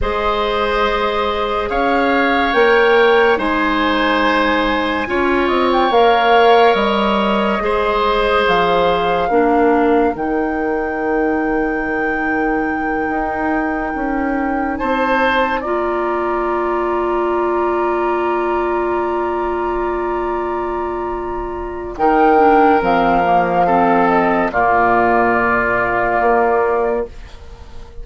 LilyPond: <<
  \new Staff \with { instrumentName = "flute" } { \time 4/4 \tempo 4 = 71 dis''2 f''4 g''4 | gis''2~ gis''8 dis''16 g''16 f''4 | dis''2 f''2 | g''1~ |
g''4. a''4 ais''4.~ | ais''1~ | ais''2 g''4 f''4~ | f''8 dis''8 d''2. | }
  \new Staff \with { instrumentName = "oboe" } { \time 4/4 c''2 cis''2 | c''2 cis''2~ | cis''4 c''2 ais'4~ | ais'1~ |
ais'4. c''4 d''4.~ | d''1~ | d''2 ais'2 | a'4 f'2. | }
  \new Staff \with { instrumentName = "clarinet" } { \time 4/4 gis'2. ais'4 | dis'2 f'4 ais'4~ | ais'4 gis'2 d'4 | dis'1~ |
dis'2~ dis'8 f'4.~ | f'1~ | f'2 dis'8 d'8 c'8 ais8 | c'4 ais2. | }
  \new Staff \with { instrumentName = "bassoon" } { \time 4/4 gis2 cis'4 ais4 | gis2 cis'8 c'8 ais4 | g4 gis4 f4 ais4 | dis2.~ dis8 dis'8~ |
dis'8 cis'4 c'4 ais4.~ | ais1~ | ais2 dis4 f4~ | f4 ais,2 ais4 | }
>>